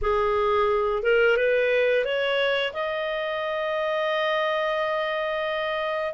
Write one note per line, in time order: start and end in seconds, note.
0.01 1.03 G#4
1.03 1.36 A#4
1.36 2.04 B4
2.04 2.72 C#5
2.73 6.14 D#5